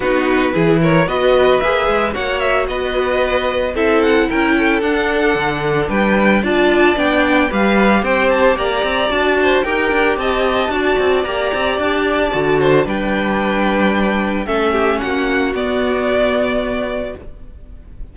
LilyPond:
<<
  \new Staff \with { instrumentName = "violin" } { \time 4/4 \tempo 4 = 112 b'4. cis''8 dis''4 e''4 | fis''8 e''8 dis''2 e''8 fis''8 | g''4 fis''2 g''4 | a''4 g''4 f''4 g''8 a''8 |
ais''4 a''4 g''4 a''4~ | a''4 ais''4 a''2 | g''2. e''4 | fis''4 d''2. | }
  \new Staff \with { instrumentName = "violin" } { \time 4/4 fis'4 gis'8 ais'8 b'2 | cis''4 b'2 a'4 | ais'8 a'2~ a'8 b'4 | d''2 b'4 c''4 |
d''4. c''8 ais'4 dis''4 | d''2.~ d''8 c''8 | b'2. a'8 g'8 | fis'1 | }
  \new Staff \with { instrumentName = "viola" } { \time 4/4 dis'4 e'4 fis'4 gis'4 | fis'2. e'4~ | e'4 d'2. | f'4 d'4 g'2~ |
g'4 fis'4 g'2 | fis'4 g'2 fis'4 | d'2. cis'4~ | cis'4 b2. | }
  \new Staff \with { instrumentName = "cello" } { \time 4/4 b4 e4 b4 ais8 gis8 | ais4 b2 c'4 | cis'4 d'4 d4 g4 | d'4 b4 g4 c'4 |
ais8 c'8 d'4 dis'8 d'8 c'4 | d'8 c'8 ais8 c'8 d'4 d4 | g2. a4 | ais4 b2. | }
>>